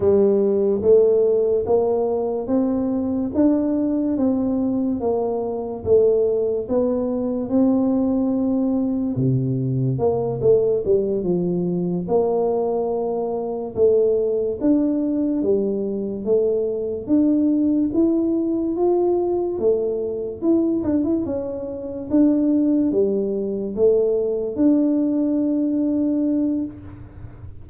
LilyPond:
\new Staff \with { instrumentName = "tuba" } { \time 4/4 \tempo 4 = 72 g4 a4 ais4 c'4 | d'4 c'4 ais4 a4 | b4 c'2 c4 | ais8 a8 g8 f4 ais4.~ |
ais8 a4 d'4 g4 a8~ | a8 d'4 e'4 f'4 a8~ | a8 e'8 d'16 e'16 cis'4 d'4 g8~ | g8 a4 d'2~ d'8 | }